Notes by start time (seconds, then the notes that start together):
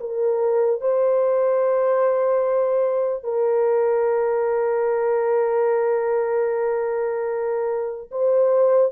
0.00 A#4
0.81 C5
3.24 A#4
8.11 C5